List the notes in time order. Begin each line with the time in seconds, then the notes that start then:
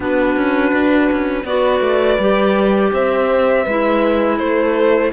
0.00 B3 D4 F#4 B4
0.36 C#4
0.72 D4
1.11 C#4
1.43 B3 F#4 B4 D5
1.80 A3
2.18 G3 G4
2.92 C4 C5 E5
3.63 G#3 E4 B4
4.38 A3 A4 C5